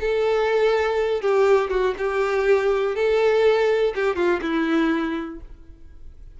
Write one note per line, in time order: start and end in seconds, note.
0.00 1.21 A4
1.21 1.70 G4
1.70 1.94 F#4
1.97 2.95 G4
2.95 3.94 A4
3.95 4.16 G4
4.16 4.40 F4
4.42 5.40 E4